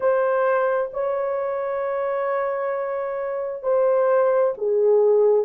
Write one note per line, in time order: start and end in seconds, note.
0.00 0.90 C5
0.93 3.62 C#5
3.62 4.53 C5
4.57 5.45 G#4